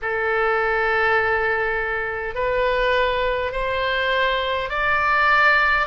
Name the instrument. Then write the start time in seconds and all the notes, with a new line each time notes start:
oboe
0.02 A4
2.35 B4
3.51 C5
4.70 D5